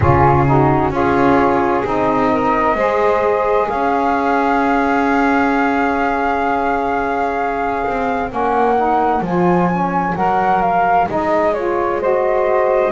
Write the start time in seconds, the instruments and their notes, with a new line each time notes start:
0.00 double bass C#3, saxophone C#4 F4, flute G#4
0.46 saxophone D#4 F#4
0.90 double bass C#4, saxophone F4 G#4, flute C#5
1.84 double bass C4, saxophone D#4, flute D#5
2.31 saxophone A#4
2.74 double bass G#3, saxophone G#4 C5
3.68 double bass C#4, saxophone C#5, flute F5
7.86 double bass C4
8.28 double bass A#3, saxophone C#4, flute F#5
8.76 saxophone D#4
9.20 double bass F3, saxophone F4, flute G#5
9.70 saxophone C#4
10.15 double bass F#3, saxophone A#4, flute F#5
10.61 flute F5
11.07 double bass G#3, saxophone D#4, flute D#5
11.54 saxophone F4, flute C#5
12.00 saxophone F#4 C5, flute D#5